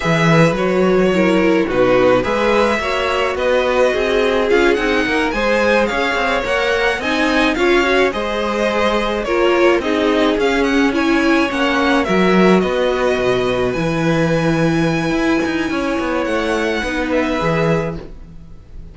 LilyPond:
<<
  \new Staff \with { instrumentName = "violin" } { \time 4/4 \tempo 4 = 107 e''4 cis''2 b'4 | e''2 dis''2 | f''8 fis''4 gis''4 f''4 fis''8~ | fis''8 gis''4 f''4 dis''4.~ |
dis''8 cis''4 dis''4 f''8 fis''8 gis''8~ | gis''8 fis''4 e''4 dis''4.~ | dis''8 gis''2.~ gis''8~ | gis''4 fis''4. e''4. | }
  \new Staff \with { instrumentName = "violin" } { \time 4/4 b'2 ais'4 fis'4 | b'4 cis''4 b'4 gis'4~ | gis'4 ais'8 c''4 cis''4.~ | cis''8 dis''4 cis''4 c''4.~ |
c''8 ais'4 gis'2 cis''8~ | cis''4. ais'4 b'4.~ | b'1 | cis''2 b'2 | }
  \new Staff \with { instrumentName = "viola" } { \time 4/4 gis'4 fis'4 e'4 dis'4 | gis'4 fis'2. | f'8 dis'4 gis'2 ais'8~ | ais'8 dis'4 f'8 fis'8 gis'4.~ |
gis'8 f'4 dis'4 cis'4 e'8~ | e'8 cis'4 fis'2~ fis'8~ | fis'8 e'2.~ e'8~ | e'2 dis'4 gis'4 | }
  \new Staff \with { instrumentName = "cello" } { \time 4/4 e4 fis2 b,4 | gis4 ais4 b4 c'4 | cis'8 c'8 ais8 gis4 cis'8 c'8 ais8~ | ais8 c'4 cis'4 gis4.~ |
gis8 ais4 c'4 cis'4.~ | cis'8 ais4 fis4 b4 b,8~ | b,8 e2~ e8 e'8 dis'8 | cis'8 b8 a4 b4 e4 | }
>>